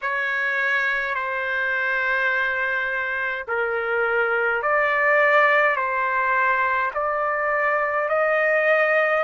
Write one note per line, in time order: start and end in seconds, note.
0.01 1.14 C#5
1.14 3.45 C5
3.47 4.62 A#4
4.62 5.75 D5
5.75 6.91 C5
6.93 8.08 D5
8.08 9.23 D#5